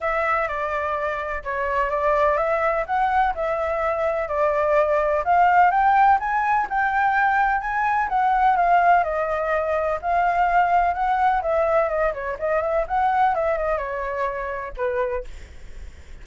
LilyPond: \new Staff \with { instrumentName = "flute" } { \time 4/4 \tempo 4 = 126 e''4 d''2 cis''4 | d''4 e''4 fis''4 e''4~ | e''4 d''2 f''4 | g''4 gis''4 g''2 |
gis''4 fis''4 f''4 dis''4~ | dis''4 f''2 fis''4 | e''4 dis''8 cis''8 dis''8 e''8 fis''4 | e''8 dis''8 cis''2 b'4 | }